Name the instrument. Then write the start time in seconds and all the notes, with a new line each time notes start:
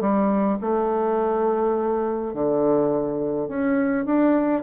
bassoon
0.00 G3
0.61 A3
2.33 D3
3.48 C#4
4.05 D4